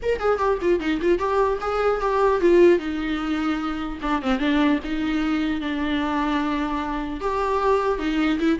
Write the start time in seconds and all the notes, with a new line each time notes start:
0.02 A#4
0.19 G#4
0.38 G4
0.61 F4
0.79 D#4
1.01 F4
1.18 G4
1.60 G#4
2.01 G4
2.40 F4
2.78 D#4
4.02 D4
4.21 C4
4.39 D4
4.83 D#4
5.60 D4
7.20 G4
7.99 D#4
8.39 E4